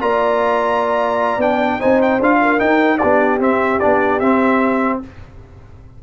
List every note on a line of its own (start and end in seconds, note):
0.00 1.37 A#3
0.00 1.40 F4
0.00 1.79 D5
0.00 1.41 A#5
1.37 1.77 B3
1.37 1.80 D4
1.37 1.80 G5
1.79 2.19 C4
1.79 2.20 D#4
1.79 2.39 C5
1.79 2.00 G#5
2.01 2.21 G5
2.19 2.59 D4
2.19 2.58 F4
2.19 2.59 F5
2.41 2.99 A#4
2.58 2.98 D#4
2.58 3.00 D#4
2.58 2.98 G5
2.98 3.39 B3
2.98 3.40 D4
2.98 4.99 G4
2.98 3.38 D5
3.39 3.79 C4
3.39 3.80 C4
3.39 3.79 E5
3.79 4.20 B3
3.79 4.21 D4
3.79 4.19 D5
4.19 5.00 C4
4.19 5.02 C4
4.19 4.99 E5